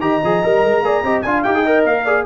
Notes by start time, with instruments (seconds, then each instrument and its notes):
0.00 tuba D#3, trombone G4, horn D#5, trumpet A#5
0.24 tuba F3, trombone G#4
0.43 tuba G3, trombone A#4
0.64 tuba G#3
0.81 tuba A#3, trombone G#4, horn D5
1.03 tuba C4, trombone G4, horn D#5
1.22 tuba D4, trombone F4, horn F5, trumpet G#5
1.43 tuba D#4, trombone G4, trumpet G5
1.55 trombone G#4
1.62 trombone A#4, horn D#5
1.85 tuba A#3, trumpet F5
2.04 trombone G#4, horn D5